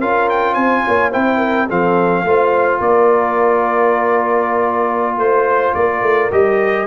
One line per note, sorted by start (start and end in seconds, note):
0.00 0.56 C#4
0.00 1.12 F4
0.00 0.55 A#4
0.00 0.29 F5
0.30 0.55 G5
0.55 0.84 C4
0.55 0.83 C5
0.55 1.11 G#5
0.87 1.15 A#3
0.87 1.11 C#5
1.11 1.71 C4
1.11 1.68 E4
1.11 1.38 C5
1.11 1.69 G5
1.38 1.66 A#4
1.67 2.24 F3
1.67 2.26 C4
1.67 2.23 A4
1.67 2.82 F5
2.24 2.80 A3
2.24 6.31 F4
2.24 2.80 C5
2.80 5.17 A#3
2.80 5.18 A#4
2.80 5.19 D5
5.17 5.73 A3
5.17 5.75 C5
5.17 5.76 C5
5.75 6.03 A#3
5.75 6.87 A#4
5.75 6.31 D5
6.03 6.31 A3
6.31 6.87 G3
6.31 6.87 G4
6.31 6.87 D#5